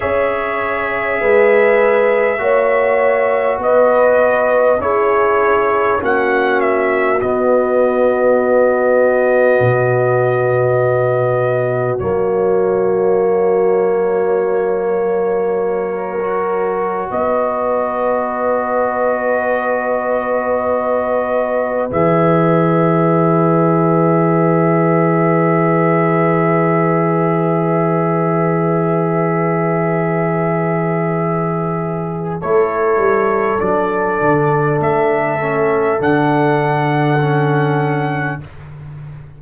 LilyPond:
<<
  \new Staff \with { instrumentName = "trumpet" } { \time 4/4 \tempo 4 = 50 e''2. dis''4 | cis''4 fis''8 e''8 dis''2~ | dis''2 cis''2~ | cis''2~ cis''16 dis''4.~ dis''16~ |
dis''2~ dis''16 e''4.~ e''16~ | e''1~ | e''2. cis''4 | d''4 e''4 fis''2 | }
  \new Staff \with { instrumentName = "horn" } { \time 4/4 cis''4 b'4 cis''4 b'4 | gis'4 fis'2.~ | fis'1~ | fis'4~ fis'16 ais'4 b'4.~ b'16~ |
b'1~ | b'1~ | b'2. a'4~ | a'1 | }
  \new Staff \with { instrumentName = "trombone" } { \time 4/4 gis'2 fis'2 | e'4 cis'4 b2~ | b2 ais2~ | ais4. fis'2~ fis'8~ |
fis'2~ fis'16 gis'4.~ gis'16~ | gis'1~ | gis'2. e'4 | d'4. cis'8 d'4 cis'4 | }
  \new Staff \with { instrumentName = "tuba" } { \time 4/4 cis'4 gis4 ais4 b4 | cis'4 ais4 b2 | b,2 fis2~ | fis2~ fis16 b4.~ b16~ |
b2~ b16 e4.~ e16~ | e1~ | e2. a8 g8 | fis8 d8 a4 d2 | }
>>